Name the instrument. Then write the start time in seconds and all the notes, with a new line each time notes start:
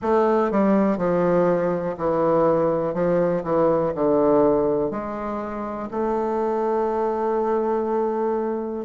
bassoon
0.01 A3
0.51 G3
0.97 F3
1.97 E3
2.94 F3
3.43 E3
3.94 D3
4.90 G#3
5.91 A3